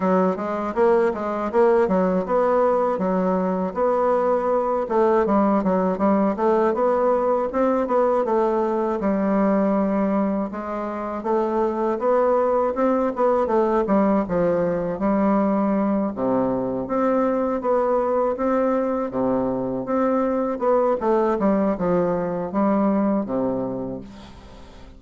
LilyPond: \new Staff \with { instrumentName = "bassoon" } { \time 4/4 \tempo 4 = 80 fis8 gis8 ais8 gis8 ais8 fis8 b4 | fis4 b4. a8 g8 fis8 | g8 a8 b4 c'8 b8 a4 | g2 gis4 a4 |
b4 c'8 b8 a8 g8 f4 | g4. c4 c'4 b8~ | b8 c'4 c4 c'4 b8 | a8 g8 f4 g4 c4 | }